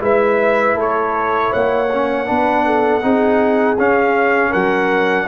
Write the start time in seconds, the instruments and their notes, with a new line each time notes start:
0.00 tuba G#3, trombone E4, horn B4, trumpet E5
0.75 tuba A3, horn A4, trumpet C#5
1.50 tuba A#3, horn C#5, trumpet F#5
1.93 trombone C#4
2.26 tuba B3, trombone D4, horn B4
2.66 horn A4
3.02 tuba C4, trombone D#4, horn G#4
3.78 tuba C#4, trombone C#4, trumpet F5
4.50 tuba F#3, horn A#4, trumpet F#5